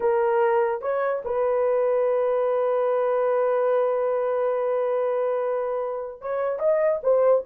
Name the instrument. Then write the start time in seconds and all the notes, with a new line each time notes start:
horn
0.00 A#4
0.81 C#5
1.25 B4
6.21 C#5
6.59 D#5
7.03 C5